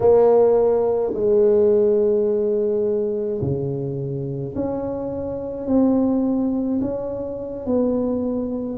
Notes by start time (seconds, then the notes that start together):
0.00 A#3
1.14 G#3
3.41 C#3
4.55 C#4
5.66 C4
6.81 C#4
7.66 B3